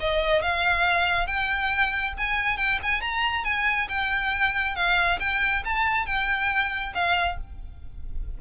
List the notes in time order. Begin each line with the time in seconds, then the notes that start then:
0.00 D#5
0.42 F5
1.27 G5
2.18 G#5
2.57 G5
2.82 G#5
3.01 A#5
3.44 G#5
3.89 G5
4.75 F5
5.19 G5
5.65 A5
6.06 G5
6.94 F5